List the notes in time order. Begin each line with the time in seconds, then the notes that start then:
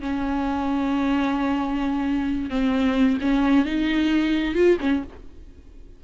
0.00 C#4
2.50 C4
3.21 C#4
3.65 D#4
4.54 F4
4.80 C#4